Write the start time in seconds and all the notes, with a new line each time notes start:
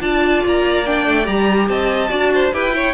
0.00 D4 F4 D5 A5
0.46 A#3 A#5
0.86 D4 G5
1.06 A3
1.23 G3 G4 A#5
1.68 C4 D#5 A5
2.09 D4 F#4 D5
2.34 C5
2.52 E4 G4 B4 G5
2.70 E4 C#5